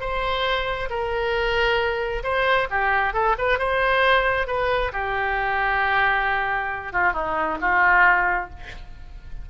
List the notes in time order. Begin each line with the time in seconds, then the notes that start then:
0.00 C5
0.90 A#4
2.23 C5
2.70 G4
3.13 A4
3.38 B4
3.58 C5
4.47 B4
4.92 G4
6.92 F4
7.13 D#4
7.61 F4